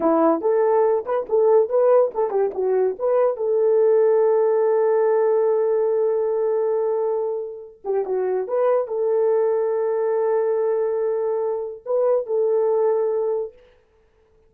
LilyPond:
\new Staff \with { instrumentName = "horn" } { \time 4/4 \tempo 4 = 142 e'4 a'4. b'8 a'4 | b'4 a'8 g'8 fis'4 b'4 | a'1~ | a'1~ |
a'2~ a'8 g'8 fis'4 | b'4 a'2.~ | a'1 | b'4 a'2. | }